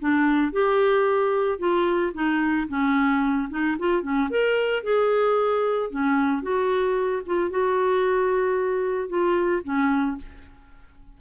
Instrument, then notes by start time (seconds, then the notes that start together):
clarinet
0.00 D4
0.53 G4
1.59 F4
2.14 D#4
2.69 C#4
3.50 D#4
3.79 F4
4.03 C#4
4.31 A#4
4.84 G#4
5.91 C#4
6.43 F#4
7.26 F4
7.51 F#4
9.09 F4
9.64 C#4